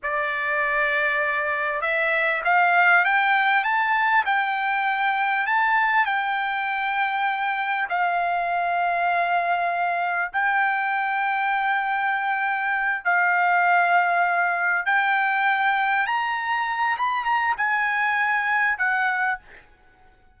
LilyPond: \new Staff \with { instrumentName = "trumpet" } { \time 4/4 \tempo 4 = 99 d''2. e''4 | f''4 g''4 a''4 g''4~ | g''4 a''4 g''2~ | g''4 f''2.~ |
f''4 g''2.~ | g''4. f''2~ f''8~ | f''8 g''2 ais''4. | b''8 ais''8 gis''2 fis''4 | }